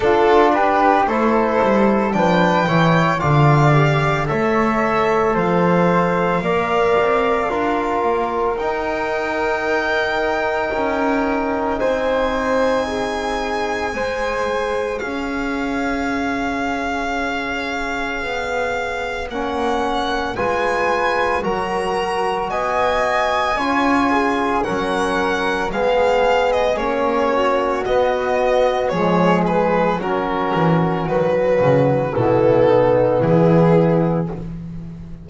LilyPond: <<
  \new Staff \with { instrumentName = "violin" } { \time 4/4 \tempo 4 = 56 a'8 b'8 c''4 g''4 f''4 | e''4 f''2. | g''2. gis''4~ | gis''2 f''2~ |
f''2 fis''4 gis''4 | ais''4 gis''2 fis''4 | f''8. dis''16 cis''4 dis''4 cis''8 b'8 | ais'4 b'4 a'4 gis'4 | }
  \new Staff \with { instrumentName = "flute" } { \time 4/4 f'8 g'8 a'4 b'8 cis''8 d''4 | cis''4 c''4 d''4 ais'4~ | ais'2. c''4 | gis'4 c''4 cis''2~ |
cis''2. b'4 | ais'4 dis''4 cis''8 gis'8 ais'4 | gis'4. fis'4. gis'4 | fis'2 e'8 dis'8 e'4 | }
  \new Staff \with { instrumentName = "trombone" } { \time 4/4 d'4 e'4 d'8 e'8 f'8 g'8 | a'2 ais'4 f'4 | dis'1~ | dis'4 gis'2.~ |
gis'2 cis'4 f'4 | fis'2 f'4 cis'4 | b4 cis'4 b4 gis4 | cis'4 fis4 b2 | }
  \new Staff \with { instrumentName = "double bass" } { \time 4/4 d'4 a8 g8 f8 e8 d4 | a4 f4 ais8 c'8 d'8 ais8 | dis'2 cis'4 c'4~ | c'4 gis4 cis'2~ |
cis'4 b4 ais4 gis4 | fis4 b4 cis'4 fis4 | gis4 ais4 b4 f4 | fis8 e8 dis8 cis8 b,4 e4 | }
>>